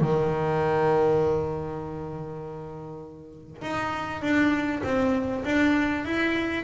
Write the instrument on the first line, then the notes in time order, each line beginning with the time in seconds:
double bass
0.00 D#3
3.61 D#4
4.21 D4
4.83 C4
5.44 D4
6.05 E4